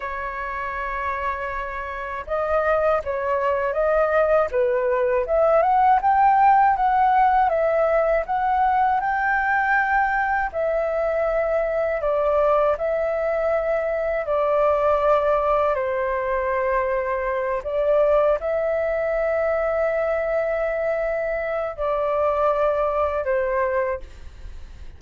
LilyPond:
\new Staff \with { instrumentName = "flute" } { \time 4/4 \tempo 4 = 80 cis''2. dis''4 | cis''4 dis''4 b'4 e''8 fis''8 | g''4 fis''4 e''4 fis''4 | g''2 e''2 |
d''4 e''2 d''4~ | d''4 c''2~ c''8 d''8~ | d''8 e''2.~ e''8~ | e''4 d''2 c''4 | }